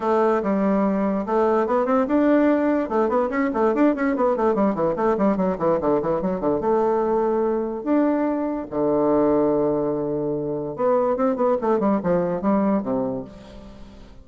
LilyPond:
\new Staff \with { instrumentName = "bassoon" } { \time 4/4 \tempo 4 = 145 a4 g2 a4 | b8 c'8 d'2 a8 b8 | cis'8 a8 d'8 cis'8 b8 a8 g8 e8 | a8 g8 fis8 e8 d8 e8 fis8 d8 |
a2. d'4~ | d'4 d2.~ | d2 b4 c'8 b8 | a8 g8 f4 g4 c4 | }